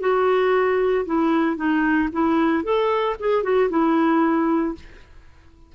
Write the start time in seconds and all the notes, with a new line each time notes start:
0.00 F#4
1.06 E4
1.56 D#4
2.12 E4
2.64 A4
3.20 G#4
3.43 F#4
3.70 E4